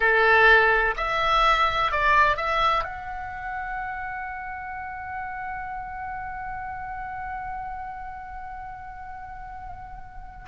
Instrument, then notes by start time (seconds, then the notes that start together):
oboe
0.00 A4
0.96 E5
1.91 D5
2.36 E5
2.84 F#5